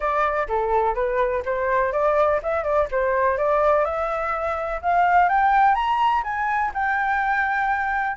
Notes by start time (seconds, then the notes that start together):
0.00 D5
0.48 A4
0.94 B4
1.45 C5
1.92 D5
2.42 E5
2.63 D5
2.91 C5
3.37 D5
3.84 E5
4.82 F5
5.28 G5
5.74 A#5
6.23 G#5
6.74 G5